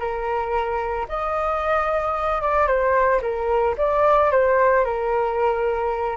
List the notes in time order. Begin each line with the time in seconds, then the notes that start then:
0.00 A#4
1.09 D#5
2.42 D5
2.68 C5
3.22 A#4
3.78 D5
4.31 C5
4.85 A#4